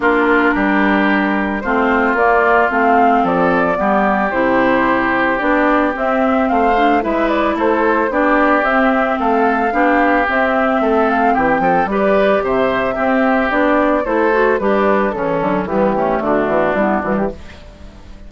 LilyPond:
<<
  \new Staff \with { instrumentName = "flute" } { \time 4/4 \tempo 4 = 111 ais'2. c''4 | d''4 f''4 d''2 | c''2 d''4 e''4 | f''4 e''8 d''8 c''4 d''4 |
e''4 f''2 e''4~ | e''8 f''8 g''4 d''4 e''4~ | e''4 d''4 c''4 b'4 | a'4 g'4 fis'4 e'8 fis'16 g'16 | }
  \new Staff \with { instrumentName = "oboe" } { \time 4/4 f'4 g'2 f'4~ | f'2 a'4 g'4~ | g'1 | c''4 b'4 a'4 g'4~ |
g'4 a'4 g'2 | a'4 g'8 a'8 b'4 c''4 | g'2 a'4 d'4 | cis'4 b8 cis'8 d'2 | }
  \new Staff \with { instrumentName = "clarinet" } { \time 4/4 d'2. c'4 | ais4 c'2 b4 | e'2 d'4 c'4~ | c'8 d'8 e'2 d'4 |
c'2 d'4 c'4~ | c'2 g'2 | c'4 d'4 e'8 fis'8 g'4 | e8 fis8 g8 a4. b8 g8 | }
  \new Staff \with { instrumentName = "bassoon" } { \time 4/4 ais4 g2 a4 | ais4 a4 f4 g4 | c2 b4 c'4 | a4 gis4 a4 b4 |
c'4 a4 b4 c'4 | a4 e8 f8 g4 c4 | c'4 b4 a4 g4 | cis8 d8 e4 d8 e8 g8 e8 | }
>>